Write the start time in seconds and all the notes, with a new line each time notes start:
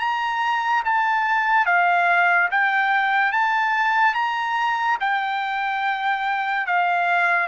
0.00 A#5
0.85 A5
1.66 F5
2.51 G5
3.33 A5
4.14 A#5
5.00 G5
6.67 F5